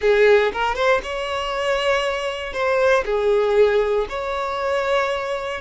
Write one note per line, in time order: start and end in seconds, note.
0.01 0.52 G#4
0.52 0.75 A#4
0.75 1.00 C5
1.03 2.53 C#5
2.53 3.04 C5
3.05 4.06 G#4
4.09 5.60 C#5